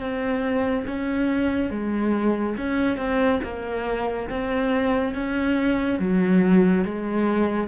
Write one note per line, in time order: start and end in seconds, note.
0.00 0.86 C4
0.87 1.71 C#4
1.71 2.57 G#3
2.58 2.98 C#4
2.98 3.41 C4
3.44 4.29 A#3
4.30 5.15 C4
5.15 6.00 C#4
6.00 6.85 F#3
6.85 7.68 G#3